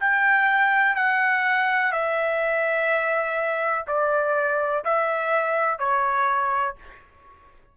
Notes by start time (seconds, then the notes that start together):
0.00 G5
0.95 F#5
1.92 E5
3.87 D5
4.84 E5
5.79 C#5